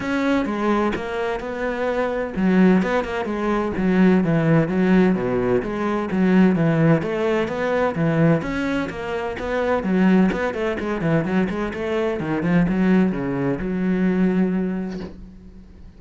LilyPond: \new Staff \with { instrumentName = "cello" } { \time 4/4 \tempo 4 = 128 cis'4 gis4 ais4 b4~ | b4 fis4 b8 ais8 gis4 | fis4 e4 fis4 b,4 | gis4 fis4 e4 a4 |
b4 e4 cis'4 ais4 | b4 fis4 b8 a8 gis8 e8 | fis8 gis8 a4 dis8 f8 fis4 | cis4 fis2. | }